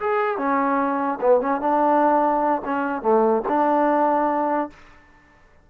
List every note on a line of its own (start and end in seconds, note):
0.00 0.38 G#4
0.38 1.19 C#4
1.21 1.41 B3
1.41 1.61 C#4
1.61 2.62 D4
2.65 3.02 C#4
3.02 3.43 A3
3.48 4.70 D4